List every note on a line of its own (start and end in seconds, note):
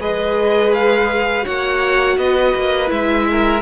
0.00 1.45 G#3
0.00 1.42 G#4
0.00 1.45 B4
0.00 0.73 D#5
0.73 1.46 F5
1.42 2.17 A#3
1.42 2.87 F#4
1.42 2.17 C#5
1.42 2.18 F#5
2.17 2.54 B3
2.17 3.27 B4
2.17 2.90 D#5
2.56 2.91 A#3
2.87 3.62 G#3
2.87 3.59 E4
2.87 3.62 E5
3.31 3.62 A#4